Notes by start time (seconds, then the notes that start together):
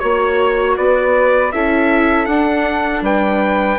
0.00 A#3 F#4 C#5
0.77 B3 B4 D5
1.53 C#4 E4 A4 E5
2.26 D4 F#5
3.02 G3 B4 G5